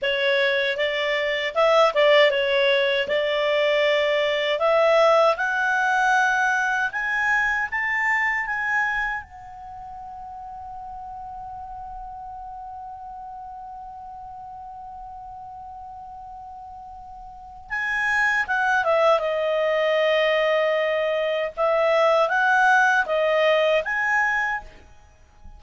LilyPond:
\new Staff \with { instrumentName = "clarinet" } { \time 4/4 \tempo 4 = 78 cis''4 d''4 e''8 d''8 cis''4 | d''2 e''4 fis''4~ | fis''4 gis''4 a''4 gis''4 | fis''1~ |
fis''1~ | fis''2. gis''4 | fis''8 e''8 dis''2. | e''4 fis''4 dis''4 gis''4 | }